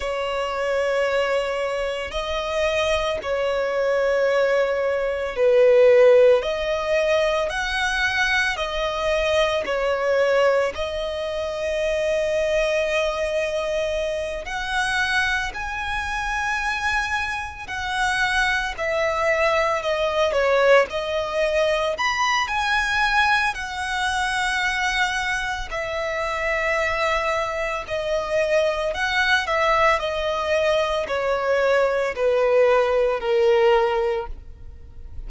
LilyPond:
\new Staff \with { instrumentName = "violin" } { \time 4/4 \tempo 4 = 56 cis''2 dis''4 cis''4~ | cis''4 b'4 dis''4 fis''4 | dis''4 cis''4 dis''2~ | dis''4. fis''4 gis''4.~ |
gis''8 fis''4 e''4 dis''8 cis''8 dis''8~ | dis''8 b''8 gis''4 fis''2 | e''2 dis''4 fis''8 e''8 | dis''4 cis''4 b'4 ais'4 | }